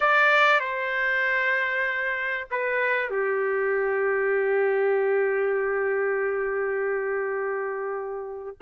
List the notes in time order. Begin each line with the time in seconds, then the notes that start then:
0.00 D5
0.59 C5
2.51 B4
3.10 G4